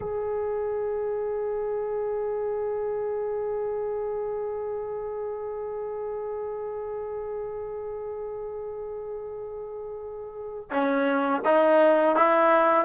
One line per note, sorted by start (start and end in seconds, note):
0.00 10.70 G#4
10.70 11.41 C#4
11.44 12.16 D#4
12.16 12.84 E4